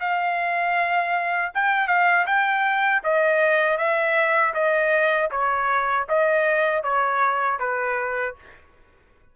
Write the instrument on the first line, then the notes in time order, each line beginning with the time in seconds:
trumpet
0.00 F5
1.54 G5
1.88 F5
2.26 G5
3.04 D#5
3.78 E5
4.54 D#5
5.31 C#5
6.09 D#5
6.83 C#5
7.59 B4